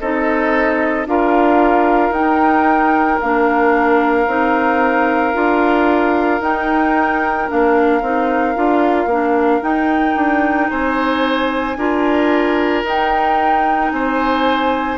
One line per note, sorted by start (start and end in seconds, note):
0.00 1.07 C4
0.00 1.07 D#4
0.00 1.08 A4
0.00 1.07 D#5
1.07 2.11 D4
1.07 2.13 F4
1.07 10.71 A#4
1.07 2.13 F5
2.11 3.18 D#4
2.11 3.21 D#4
2.11 3.20 G5
3.21 4.27 A#3
3.21 4.28 D4
3.21 6.43 F5
4.27 5.34 C4
4.27 5.34 D#4
5.34 6.41 D4
5.34 6.41 F4
6.41 7.48 D#4
6.41 7.50 G5
7.48 8.02 A#3
7.48 8.02 D4
7.48 9.63 F5
8.02 8.56 C4
8.02 8.56 D#4
8.56 9.07 D4
8.56 9.09 F4
9.07 9.60 A#3
9.07 9.62 D4
9.62 11.76 D#4
9.62 10.16 D#4
9.62 10.71 G5
10.16 10.70 D4
10.71 11.77 C4
10.71 11.78 C5
10.71 12.85 G#5
11.77 12.84 D4
11.77 12.85 F4
11.77 13.93 A#4
12.84 13.91 D#4
12.84 14.98 D#4
12.84 13.91 G5
13.91 14.98 C4
13.91 14.98 C5
13.91 14.98 G#5